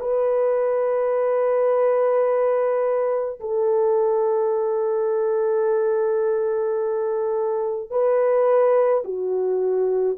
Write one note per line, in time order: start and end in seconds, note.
0.00 3.40 B4
3.40 7.90 A4
7.90 9.04 B4
9.05 10.18 F#4